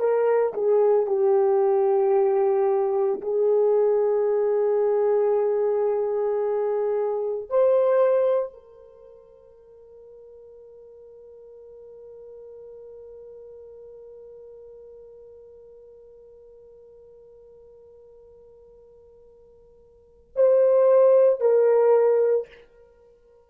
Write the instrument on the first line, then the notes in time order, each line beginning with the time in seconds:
horn
0.00 A#4
0.54 G#4
1.07 G4
3.22 G#4
7.50 C5
8.54 A#4
20.36 C5
21.41 A#4